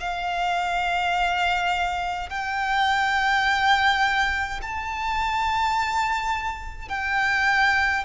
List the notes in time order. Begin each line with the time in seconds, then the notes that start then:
0.00 F5
2.30 G5
4.62 A5
6.89 G5